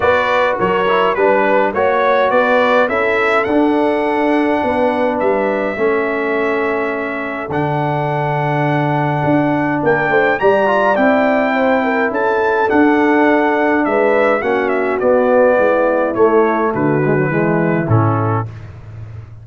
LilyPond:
<<
  \new Staff \with { instrumentName = "trumpet" } { \time 4/4 \tempo 4 = 104 d''4 cis''4 b'4 cis''4 | d''4 e''4 fis''2~ | fis''4 e''2.~ | e''4 fis''2.~ |
fis''4 g''4 ais''4 g''4~ | g''4 a''4 fis''2 | e''4 fis''8 e''8 d''2 | cis''4 b'2 a'4 | }
  \new Staff \with { instrumentName = "horn" } { \time 4/4 b'4 ais'4 b'4 cis''4 | b'4 a'2. | b'2 a'2~ | a'1~ |
a'4 ais'8 c''8 d''2 | c''8 ais'8 a'2. | b'4 fis'2 e'4~ | e'4 fis'4 e'2 | }
  \new Staff \with { instrumentName = "trombone" } { \time 4/4 fis'4. e'8 d'4 fis'4~ | fis'4 e'4 d'2~ | d'2 cis'2~ | cis'4 d'2.~ |
d'2 g'8 f'8 e'4~ | e'2 d'2~ | d'4 cis'4 b2 | a4. gis16 fis16 gis4 cis'4 | }
  \new Staff \with { instrumentName = "tuba" } { \time 4/4 b4 fis4 g4 ais4 | b4 cis'4 d'2 | b4 g4 a2~ | a4 d2. |
d'4 ais8 a8 g4 c'4~ | c'4 cis'4 d'2 | gis4 ais4 b4 gis4 | a4 d4 e4 a,4 | }
>>